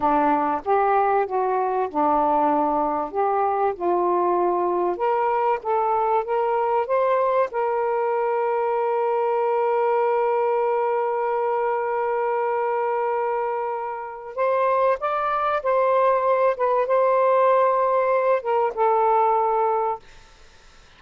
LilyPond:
\new Staff \with { instrumentName = "saxophone" } { \time 4/4 \tempo 4 = 96 d'4 g'4 fis'4 d'4~ | d'4 g'4 f'2 | ais'4 a'4 ais'4 c''4 | ais'1~ |
ais'1~ | ais'2. c''4 | d''4 c''4. b'8 c''4~ | c''4. ais'8 a'2 | }